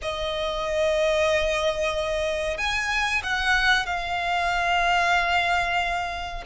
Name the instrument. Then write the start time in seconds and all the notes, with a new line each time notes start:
violin
0.01 D#5
2.57 G#5
3.23 F#5
3.85 F5